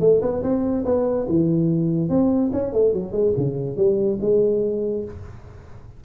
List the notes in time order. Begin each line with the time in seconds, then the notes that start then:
0.00 A3
0.22 B3
0.43 C4
0.85 B3
1.29 E3
2.09 C4
2.53 C#4
2.73 A3
2.93 F#3
3.12 G#3
3.37 C#3
3.77 G3
4.21 G#3